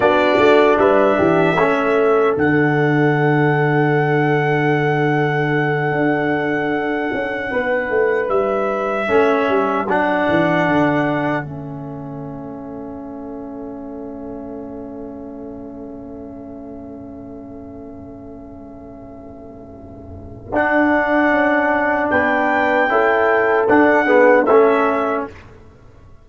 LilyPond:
<<
  \new Staff \with { instrumentName = "trumpet" } { \time 4/4 \tempo 4 = 76 d''4 e''2 fis''4~ | fis''1~ | fis''2~ fis''8 e''4.~ | e''8 fis''2 e''4.~ |
e''1~ | e''1~ | e''2 fis''2 | g''2 fis''4 e''4 | }
  \new Staff \with { instrumentName = "horn" } { \time 4/4 fis'4 b'8 g'8 a'2~ | a'1~ | a'4. b'2 a'8~ | a'1~ |
a'1~ | a'1~ | a'1 | b'4 a'4. gis'8 a'4 | }
  \new Staff \with { instrumentName = "trombone" } { \time 4/4 d'2 cis'4 d'4~ | d'1~ | d'2.~ d'8 cis'8~ | cis'8 d'2 cis'4.~ |
cis'1~ | cis'1~ | cis'2 d'2~ | d'4 e'4 d'8 b8 cis'4 | }
  \new Staff \with { instrumentName = "tuba" } { \time 4/4 b8 a8 g8 e8 a4 d4~ | d2.~ d8 d'8~ | d'4 cis'8 b8 a8 g4 a8 | g8 fis8 e8 d4 a4.~ |
a1~ | a1~ | a2 d'4 cis'4 | b4 cis'4 d'4 a4 | }
>>